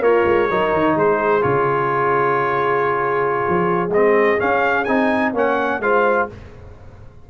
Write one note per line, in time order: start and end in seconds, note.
0.00 0.24 A#3
0.00 0.50 F4
0.00 0.49 A#4
0.00 0.98 C#5
0.26 0.49 G#3
0.50 0.74 F#3
0.50 1.42 D#4
0.50 0.97 A#4
0.74 0.96 D#3
0.96 1.44 G#3
0.96 5.34 G#4
0.96 1.43 C5
1.42 3.46 C#3
1.42 3.90 F4
1.42 3.91 C#5
3.49 3.89 F3
3.89 4.36 G#3
3.89 4.39 C4
3.89 4.40 D#5
4.39 4.86 C#4
4.39 4.88 C#4
4.39 4.85 F5
4.85 5.34 C4
4.85 5.35 D#4
4.85 5.32 G#5
5.34 5.80 A#3
5.34 5.82 C#4
5.34 5.81 C#5
5.34 5.82 F#5
5.80 6.27 G#3
5.80 6.30 F4
5.80 6.31 C5
5.80 6.29 F5